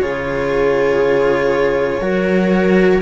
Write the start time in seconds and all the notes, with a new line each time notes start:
0.00 C#3 F4 G#4 C#5
2.00 F#3 F#4 A#4